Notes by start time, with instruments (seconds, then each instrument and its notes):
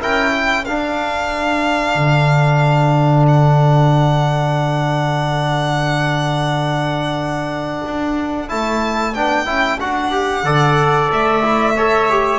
0.00 double bass C#4, trombone E4, trumpet A#4, violin G5
0.32 trumpet A4
0.65 double bass D4, trombone D4, violin F5
1.95 double bass D3
3.27 violin F#5
7.85 double bass D4
8.48 double bass A3, trombone E4, violin A5
9.14 double bass B3, trombone D4, violin G5
9.46 double bass C#4, trombone E4
9.79 double bass D4, trombone F#4, violin F#5
10.11 trombone G4
10.43 double bass D3, trombone A4, trumpet D5
11.12 double bass A3, violin E5
11.43 trombone E4
11.76 trombone A4, trumpet C#5
12.10 trombone G4